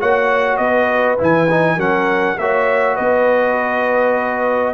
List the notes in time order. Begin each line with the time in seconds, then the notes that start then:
0.00 A#3 F#4 C#5 F#5
0.57 B3 B4 D#5
1.18 E3 E4 G#5
1.50 D#4
1.76 F#3 C#4 A#4 F#5
2.38 A#3 F#4 C#5 E5
2.95 B3 B4 D#5